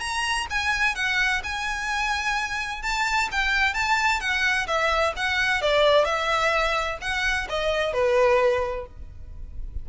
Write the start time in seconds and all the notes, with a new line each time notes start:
0.00 A#5
0.50 G#5
0.95 F#5
1.43 G#5
2.82 A5
3.32 G5
3.74 A5
4.20 F#5
4.67 E5
5.16 F#5
5.62 D5
6.05 E5
7.01 F#5
7.49 D#5
7.93 B4